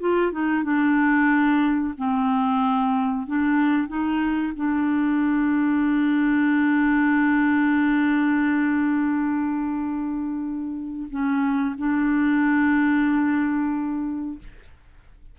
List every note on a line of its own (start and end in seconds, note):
0.00 0.32 F4
0.32 0.64 D#4
0.64 1.94 D4
1.97 3.27 C4
3.27 3.88 D4
3.88 4.53 D#4
4.56 11.08 D4
11.10 11.75 C#4
11.78 14.39 D4